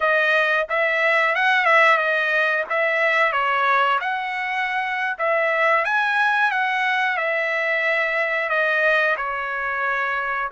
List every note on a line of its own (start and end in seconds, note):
0.00 0.67 D#5
0.69 1.35 E5
1.35 1.65 F#5
1.65 1.97 E5
1.97 2.64 D#5
2.69 3.32 E5
3.32 3.98 C#5
4.00 5.17 F#5
5.18 5.84 E5
5.84 6.51 G#5
6.51 7.17 F#5
7.17 8.49 E5
8.49 9.15 D#5
9.16 10.50 C#5